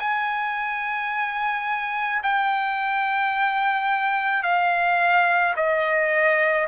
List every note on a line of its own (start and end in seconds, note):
0.00 2.22 G#5
2.24 4.43 G5
4.43 5.55 F5
5.57 6.68 D#5